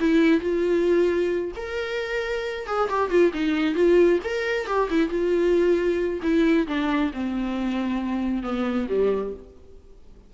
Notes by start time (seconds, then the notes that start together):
0.00 E4
0.40 F4
1.56 A#4
2.67 G#4
2.89 G4
3.10 F4
3.33 D#4
3.75 F4
4.24 A#4
4.67 G4
4.90 E4
5.09 F4
6.23 E4
6.67 D4
7.13 C4
8.43 B3
8.89 G3